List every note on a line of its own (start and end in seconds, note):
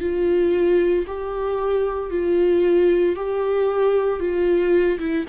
0.00 1.05 F4
1.07 2.10 G4
2.10 3.15 F4
3.16 4.20 G4
4.20 4.99 F4
4.99 5.25 E4